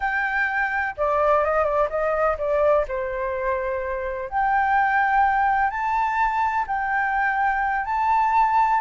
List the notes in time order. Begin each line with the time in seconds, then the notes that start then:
0.00 G5
0.97 D5
1.44 D#5
1.64 D5
1.89 D#5
2.37 D5
2.87 C5
4.29 G5
5.70 A5
6.67 G5
7.85 A5